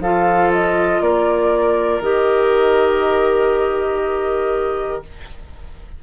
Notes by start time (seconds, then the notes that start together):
0.00 F3 F4 A4 F5
0.53 D#5
1.01 A#3 A#4 D5
2.01 D#3 G4 D#5